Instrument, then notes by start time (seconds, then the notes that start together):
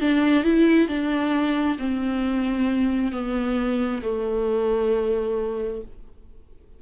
viola
0.00 D4
0.43 E4
0.88 D4
1.78 C4
3.12 B3
4.02 A3